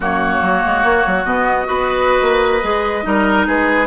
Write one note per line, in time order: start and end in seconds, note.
0.00 0.41 F#2
0.00 1.26 A#3
0.00 1.67 F#4
0.00 1.24 C#5
0.42 0.63 F#3
0.65 0.83 G#3
0.83 1.04 A#3
1.06 1.24 F#3
1.24 1.66 B2
1.24 1.65 B3
1.24 3.45 D#5
1.65 2.21 B3
1.65 2.59 F#4
1.65 3.04 B4
2.21 2.63 A#3
2.62 3.05 G#3
2.62 3.02 G#4
3.02 3.47 G3
3.02 3.86 D#4
3.02 3.46 A#4
3.46 3.86 G#3
3.46 3.86 G#4
3.46 3.86 B4